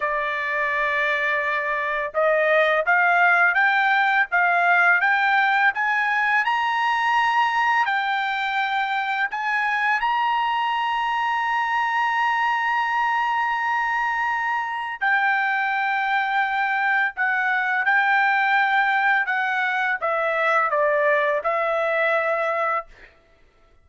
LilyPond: \new Staff \with { instrumentName = "trumpet" } { \time 4/4 \tempo 4 = 84 d''2. dis''4 | f''4 g''4 f''4 g''4 | gis''4 ais''2 g''4~ | g''4 gis''4 ais''2~ |
ais''1~ | ais''4 g''2. | fis''4 g''2 fis''4 | e''4 d''4 e''2 | }